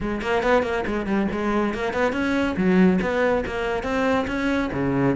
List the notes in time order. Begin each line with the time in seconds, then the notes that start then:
0.00 G#3
0.21 A#3
0.42 B3
0.62 A#3
0.86 G#3
1.06 G3
1.31 G#3
1.74 A#3
1.93 B3
2.12 C#4
2.56 F#3
3.01 B3
3.46 A#3
3.83 C4
4.27 C#4
4.72 C#3